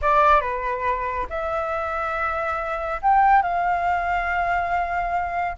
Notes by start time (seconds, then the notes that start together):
0.01 D5
0.41 B4
1.29 E5
3.02 G5
3.42 F5